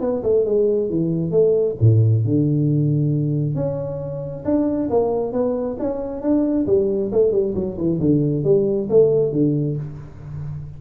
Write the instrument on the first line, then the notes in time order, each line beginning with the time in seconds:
tuba
0.00 B3
0.23 A3
0.45 G#3
0.89 E3
1.31 A3
1.80 A2
2.24 D3
3.55 C#4
4.44 D4
4.90 A#3
5.32 B3
5.79 C#4
6.21 D4
6.66 G3
7.12 A3
7.31 G3
7.54 F#3
7.77 E3
8.00 D3
8.43 G3
8.89 A3
9.32 D3